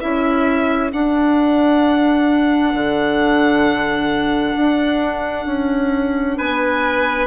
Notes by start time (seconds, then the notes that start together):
0.00 C#4 E4 A4 E5
0.93 D4 F#5
2.74 D3
4.56 D4
5.46 C#4
6.37 B3 B4 G#5